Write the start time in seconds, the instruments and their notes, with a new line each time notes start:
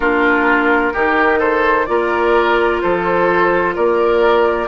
0.00 bassoon A#3, clarinet D4, oboe F4, flute A#4
0.93 bassoon D#3, clarinet D#4, oboe G4
1.38 oboe A4, flute C5
1.86 bassoon A#3, clarinet F4, oboe A#4, flute D5
2.81 bassoon F3, oboe A4, flute C5
3.75 bassoon A#3, oboe A#4, flute D5